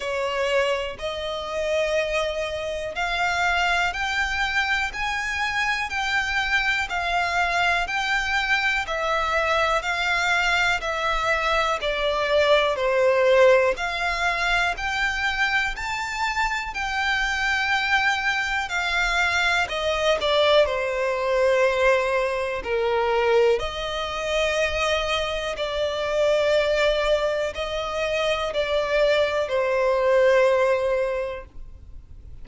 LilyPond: \new Staff \with { instrumentName = "violin" } { \time 4/4 \tempo 4 = 61 cis''4 dis''2 f''4 | g''4 gis''4 g''4 f''4 | g''4 e''4 f''4 e''4 | d''4 c''4 f''4 g''4 |
a''4 g''2 f''4 | dis''8 d''8 c''2 ais'4 | dis''2 d''2 | dis''4 d''4 c''2 | }